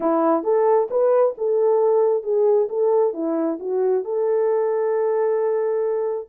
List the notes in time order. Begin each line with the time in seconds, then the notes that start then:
0.00 E4
0.43 A4
0.90 B4
1.37 A4
2.23 G#4
2.69 A4
3.13 E4
3.59 F#4
4.04 A4